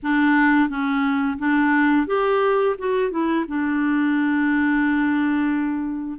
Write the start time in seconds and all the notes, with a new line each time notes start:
0.03 D4
0.69 C#4
1.38 D4
2.07 G4
2.78 F#4
3.10 E4
3.48 D4